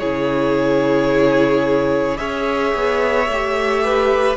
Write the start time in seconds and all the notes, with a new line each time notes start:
0.00 C#3 E4 G#4 C#5
2.18 C#4 G#4 C#5 E5
2.75 B3
3.28 A3 G4
3.85 B4